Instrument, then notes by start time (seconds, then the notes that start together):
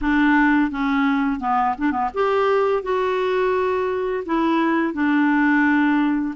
clarinet
0.01 D4
0.71 C#4
1.40 B3
1.77 D4
1.92 B3
2.14 G4
2.82 F#4
4.25 E4
4.93 D4